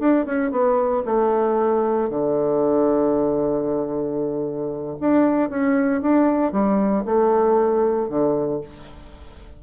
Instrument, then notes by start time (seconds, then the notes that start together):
bassoon
0.00 D4
0.26 C#4
0.52 B3
1.06 A3
2.10 D3
5.01 D4
5.50 C#4
6.02 D4
6.52 G3
7.06 A3
8.09 D3